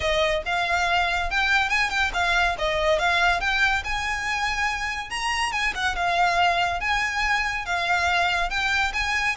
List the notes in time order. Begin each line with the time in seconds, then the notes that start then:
0.00 D#5
0.45 F5
1.30 G5
1.69 G#5
1.90 G5
2.13 F5
2.58 D#5
2.98 F5
3.40 G5
3.84 G#5
5.10 A#5
5.51 G#5
5.74 F#5
5.95 F5
6.80 G#5
7.65 F5
8.50 G5
8.93 G#5